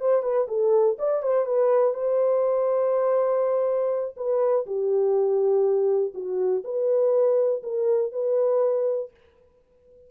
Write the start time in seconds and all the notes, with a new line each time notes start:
0.00 C5
0.22 B4
0.47 A4
0.99 D5
1.22 C5
1.46 B4
1.93 C5
4.16 B4
4.66 G4
6.14 F#4
6.64 B4
7.63 A#4
8.12 B4